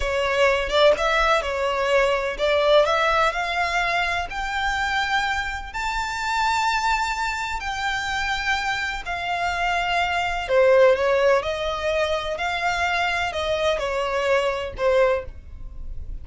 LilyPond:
\new Staff \with { instrumentName = "violin" } { \time 4/4 \tempo 4 = 126 cis''4. d''8 e''4 cis''4~ | cis''4 d''4 e''4 f''4~ | f''4 g''2. | a''1 |
g''2. f''4~ | f''2 c''4 cis''4 | dis''2 f''2 | dis''4 cis''2 c''4 | }